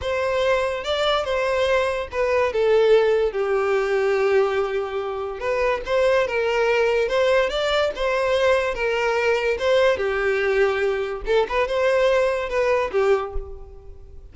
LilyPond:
\new Staff \with { instrumentName = "violin" } { \time 4/4 \tempo 4 = 144 c''2 d''4 c''4~ | c''4 b'4 a'2 | g'1~ | g'4 b'4 c''4 ais'4~ |
ais'4 c''4 d''4 c''4~ | c''4 ais'2 c''4 | g'2. a'8 b'8 | c''2 b'4 g'4 | }